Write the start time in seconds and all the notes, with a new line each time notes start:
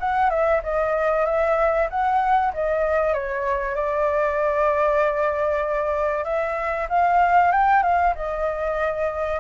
0.00 F#5
0.30 E5
0.64 D#5
1.26 E5
1.90 F#5
2.54 D#5
3.14 C#5
3.76 D5
6.25 E5
6.89 F5
7.52 G5
7.83 F5
8.15 D#5